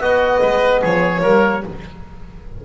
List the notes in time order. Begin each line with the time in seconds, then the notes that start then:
0.00 B3 F#4 D#5
0.42 G#3 B4
0.81 F3 G#4 C#5
1.21 G3 A#3 A#4